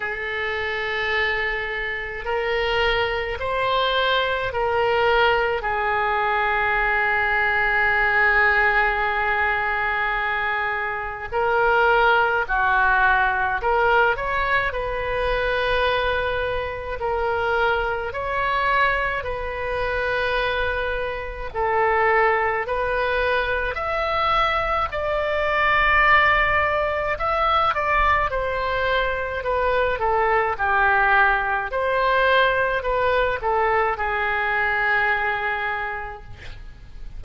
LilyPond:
\new Staff \with { instrumentName = "oboe" } { \time 4/4 \tempo 4 = 53 a'2 ais'4 c''4 | ais'4 gis'2.~ | gis'2 ais'4 fis'4 | ais'8 cis''8 b'2 ais'4 |
cis''4 b'2 a'4 | b'4 e''4 d''2 | e''8 d''8 c''4 b'8 a'8 g'4 | c''4 b'8 a'8 gis'2 | }